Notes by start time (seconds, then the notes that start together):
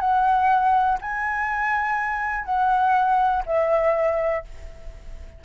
0.00 F#5
1.01 G#5
2.45 F#5
3.46 E5